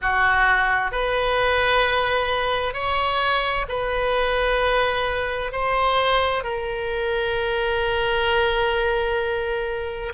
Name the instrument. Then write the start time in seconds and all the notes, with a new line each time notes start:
oboe
0.01 F#4
0.91 B4
2.73 C#5
3.68 B4
5.51 C5
6.43 A#4